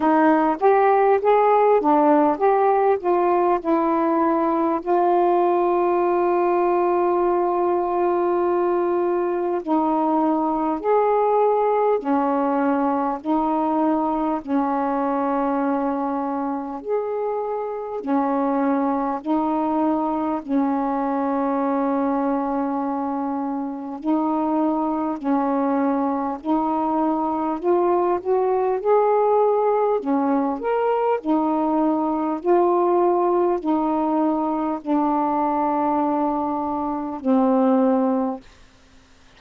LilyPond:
\new Staff \with { instrumentName = "saxophone" } { \time 4/4 \tempo 4 = 50 dis'8 g'8 gis'8 d'8 g'8 f'8 e'4 | f'1 | dis'4 gis'4 cis'4 dis'4 | cis'2 gis'4 cis'4 |
dis'4 cis'2. | dis'4 cis'4 dis'4 f'8 fis'8 | gis'4 cis'8 ais'8 dis'4 f'4 | dis'4 d'2 c'4 | }